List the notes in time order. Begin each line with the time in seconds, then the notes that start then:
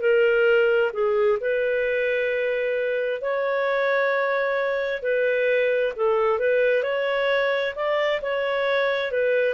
0.00 A#4
0.93 G#4
1.40 B4
3.21 C#5
5.02 B4
5.95 A4
6.38 B4
6.83 C#5
7.75 D5
8.21 C#5
9.11 B4